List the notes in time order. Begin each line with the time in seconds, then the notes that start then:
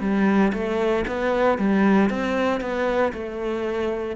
0.00 G3
0.53 A3
1.07 B3
1.58 G3
2.10 C4
2.61 B3
3.13 A3